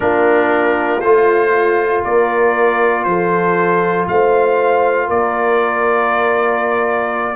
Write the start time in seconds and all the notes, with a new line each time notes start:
0.00 A#3 D4 F4 A#4
1.00 A3 F4 C5
2.04 A#3 A#4 D5
3.04 F3 A4 C5
4.07 A3 C5 F5
5.07 A#3 A#4 D5